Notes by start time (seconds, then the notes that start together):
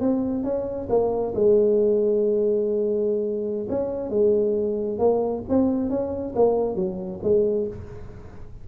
0.00 C4
0.43 C#4
0.89 A#3
1.34 G#3
3.69 C#4
4.09 G#3
4.98 A#3
5.48 C4
5.89 C#4
6.35 A#3
6.75 F#3
7.23 G#3